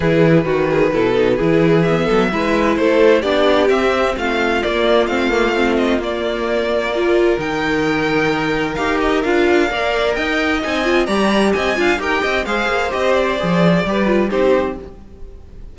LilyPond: <<
  \new Staff \with { instrumentName = "violin" } { \time 4/4 \tempo 4 = 130 b'1 | e''2 c''4 d''4 | e''4 f''4 d''4 f''4~ | f''8 dis''8 d''2. |
g''2. f''8 dis''8 | f''2 g''4 gis''4 | ais''4 gis''4 g''4 f''4 | dis''8 d''2~ d''8 c''4 | }
  \new Staff \with { instrumentName = "violin" } { \time 4/4 gis'4 fis'8 gis'8 a'4 gis'4~ | gis'8 a'8 b'4 a'4 g'4~ | g'4 f'2.~ | f'2. ais'4~ |
ais'1~ | ais'4 d''4 dis''2 | d''4 dis''8 f''8 ais'8 dis''8 c''4~ | c''2 b'4 g'4 | }
  \new Staff \with { instrumentName = "viola" } { \time 4/4 e'4 fis'4 e'8 dis'8 e'4 | b4 e'2 d'4 | c'2 ais4 c'8 ais8 | c'4 ais2 f'4 |
dis'2. g'4 | f'4 ais'2 dis'8 f'8 | g'4. f'8 g'4 gis'4 | g'4 gis'4 g'8 f'8 dis'4 | }
  \new Staff \with { instrumentName = "cello" } { \time 4/4 e4 dis4 b,4 e4~ | e8 fis8 gis4 a4 b4 | c'4 a4 ais4 a4~ | a4 ais2. |
dis2. dis'4 | d'4 ais4 dis'4 c'4 | g4 c'8 d'8 dis'8 c'8 gis8 ais8 | c'4 f4 g4 c'4 | }
>>